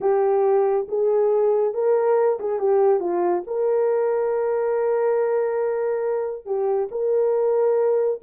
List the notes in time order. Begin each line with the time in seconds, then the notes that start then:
0.00 G4
0.88 G#4
1.74 A#4
2.39 G#4
2.59 G4
3.00 F4
3.46 A#4
6.45 G4
6.91 A#4